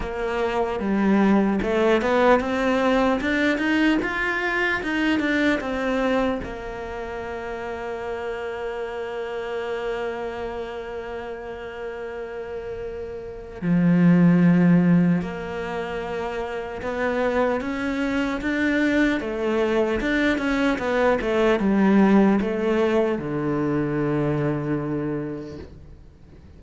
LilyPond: \new Staff \with { instrumentName = "cello" } { \time 4/4 \tempo 4 = 75 ais4 g4 a8 b8 c'4 | d'8 dis'8 f'4 dis'8 d'8 c'4 | ais1~ | ais1~ |
ais4 f2 ais4~ | ais4 b4 cis'4 d'4 | a4 d'8 cis'8 b8 a8 g4 | a4 d2. | }